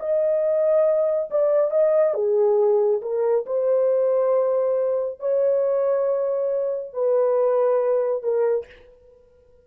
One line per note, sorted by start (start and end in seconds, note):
0.00 1.30 D#5
1.30 1.71 D5
1.71 2.14 D#5
2.14 3.01 G#4
3.02 3.45 A#4
3.46 5.20 C5
5.20 6.93 C#5
6.93 8.23 B4
8.23 8.66 A#4